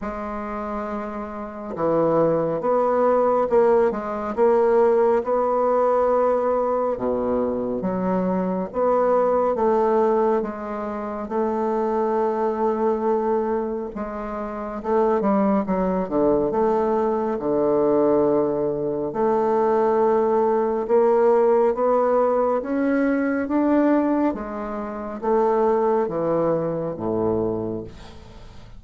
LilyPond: \new Staff \with { instrumentName = "bassoon" } { \time 4/4 \tempo 4 = 69 gis2 e4 b4 | ais8 gis8 ais4 b2 | b,4 fis4 b4 a4 | gis4 a2. |
gis4 a8 g8 fis8 d8 a4 | d2 a2 | ais4 b4 cis'4 d'4 | gis4 a4 e4 a,4 | }